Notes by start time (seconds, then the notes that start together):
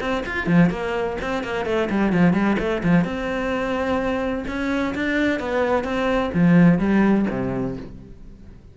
0.00 C4
0.26 F4
0.46 F3
0.70 A#3
1.21 C4
1.43 A#3
1.65 A3
1.89 G3
2.12 F3
2.33 G3
2.58 A3
2.83 F3
3.04 C4
4.47 C#4
4.95 D4
5.39 B3
5.84 C4
6.34 F3
6.78 G3
7.30 C3